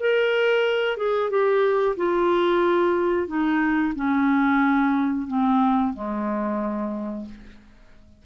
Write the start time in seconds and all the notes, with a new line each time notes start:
0.00 A#4
0.97 G#4
1.30 G4
1.97 F4
3.28 D#4
3.96 C#4
5.27 C4
5.93 G#3